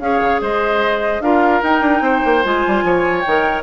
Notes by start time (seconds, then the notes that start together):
0.00 C#4 G#4 C#5 F5
0.21 C#3
0.41 G#3 C5 D#5
1.20 D4 F4 A#4 F5
1.63 D#4 G5
1.81 D4
2.01 C4 C5
2.25 A#3
2.43 G#3 F4 G#5
2.67 G3
2.83 F3 C#5
3.20 D#3 G5
3.27 A#4